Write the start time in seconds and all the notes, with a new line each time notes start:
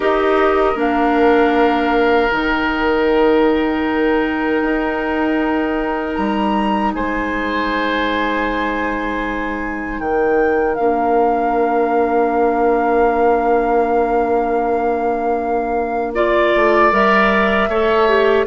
0.00 D#4 G4 A#4 D#5
0.75 A#3 D4 F5
2.31 D#3 D#4 G5
4.61 D#4
6.15 G3 A#5
6.93 G#3 C5 G#5
9.99 D#3 A#4 G5
10.75 A#3 D4 F5
16.14 F4 D5
16.55 A3
16.91 G3 A#4 E5
17.67 A3 A4 C#5
18.08 G4